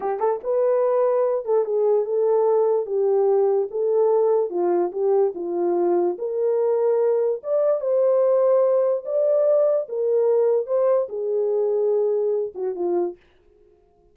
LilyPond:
\new Staff \with { instrumentName = "horn" } { \time 4/4 \tempo 4 = 146 g'8 a'8 b'2~ b'8 a'8 | gis'4 a'2 g'4~ | g'4 a'2 f'4 | g'4 f'2 ais'4~ |
ais'2 d''4 c''4~ | c''2 d''2 | ais'2 c''4 gis'4~ | gis'2~ gis'8 fis'8 f'4 | }